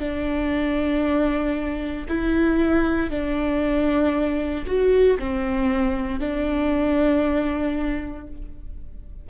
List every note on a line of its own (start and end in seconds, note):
0.00 2.07 D4
2.09 3.10 E4
3.10 4.66 D4
4.66 5.18 F#4
5.19 6.20 C4
6.20 8.27 D4